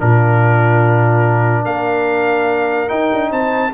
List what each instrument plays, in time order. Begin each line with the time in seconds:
0.00 tuba A#2, trombone D4, horn F4, trumpet A#4
1.65 tuba A#3, horn A#4, trumpet F5
2.89 trombone D#4, tuba D#4, trumpet G5
3.14 tuba D4
3.32 tuba C4, horn C5, trumpet A5